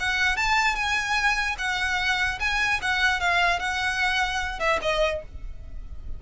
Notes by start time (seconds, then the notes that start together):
0.00 F#5
0.37 A5
0.75 G#5
1.59 F#5
2.40 G#5
2.82 F#5
3.20 F5
3.59 F#5
4.59 E5
4.82 D#5